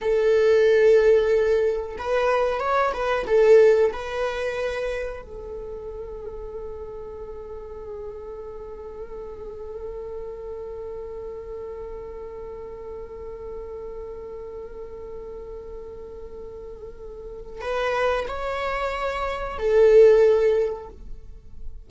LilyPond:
\new Staff \with { instrumentName = "viola" } { \time 4/4 \tempo 4 = 92 a'2. b'4 | cis''8 b'8 a'4 b'2 | a'1~ | a'1~ |
a'1~ | a'1~ | a'2. b'4 | cis''2 a'2 | }